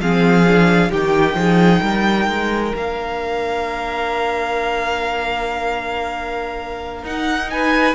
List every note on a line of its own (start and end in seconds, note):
0.00 0.91 F3
0.00 0.47 C4
0.00 0.91 G#4
0.00 0.92 F5
0.48 0.92 D4
0.91 1.34 D#3
0.91 2.74 D#4
0.91 1.36 G4
0.91 2.75 G5
1.34 1.80 F3
1.34 1.83 G#4
1.83 2.28 G3
1.83 7.51 A#4
2.28 2.73 G#3
2.74 7.04 A#3
2.74 7.05 D4
2.74 7.05 F5
7.04 7.95 D#4
7.04 7.96 D#4
7.04 7.51 F#5
7.51 7.96 B4
7.51 7.96 G#5